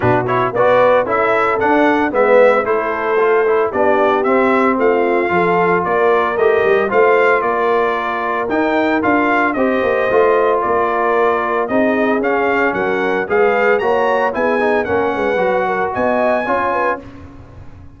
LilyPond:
<<
  \new Staff \with { instrumentName = "trumpet" } { \time 4/4 \tempo 4 = 113 b'8 cis''8 d''4 e''4 fis''4 | e''4 c''2 d''4 | e''4 f''2 d''4 | dis''4 f''4 d''2 |
g''4 f''4 dis''2 | d''2 dis''4 f''4 | fis''4 f''4 ais''4 gis''4 | fis''2 gis''2 | }
  \new Staff \with { instrumentName = "horn" } { \time 4/4 fis'4 b'4 a'2 | b'4 a'2 g'4~ | g'4 f'4 a'4 ais'4~ | ais'4 c''4 ais'2~ |
ais'2 c''2 | ais'2 gis'2 | ais'4 b'4 cis''4 gis'4 | ais'8 b'4 ais'8 dis''4 cis''8 b'8 | }
  \new Staff \with { instrumentName = "trombone" } { \time 4/4 d'8 e'8 fis'4 e'4 d'4 | b4 e'4 f'8 e'8 d'4 | c'2 f'2 | g'4 f'2. |
dis'4 f'4 g'4 f'4~ | f'2 dis'4 cis'4~ | cis'4 gis'4 fis'4 e'8 dis'8 | cis'4 fis'2 f'4 | }
  \new Staff \with { instrumentName = "tuba" } { \time 4/4 b,4 b4 cis'4 d'4 | gis4 a2 b4 | c'4 a4 f4 ais4 | a8 g8 a4 ais2 |
dis'4 d'4 c'8 ais8 a4 | ais2 c'4 cis'4 | fis4 gis4 ais4 b4 | ais8 gis8 fis4 b4 cis'4 | }
>>